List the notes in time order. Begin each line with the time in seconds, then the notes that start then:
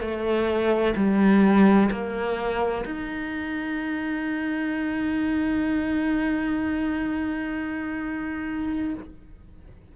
0.00 A3
0.96 G3
1.90 A#3
2.85 D#4